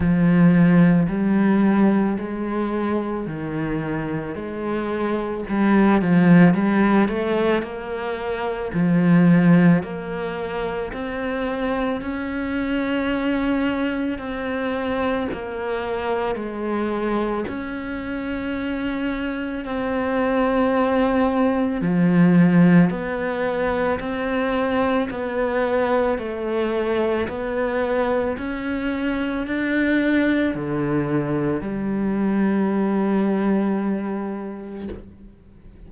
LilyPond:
\new Staff \with { instrumentName = "cello" } { \time 4/4 \tempo 4 = 55 f4 g4 gis4 dis4 | gis4 g8 f8 g8 a8 ais4 | f4 ais4 c'4 cis'4~ | cis'4 c'4 ais4 gis4 |
cis'2 c'2 | f4 b4 c'4 b4 | a4 b4 cis'4 d'4 | d4 g2. | }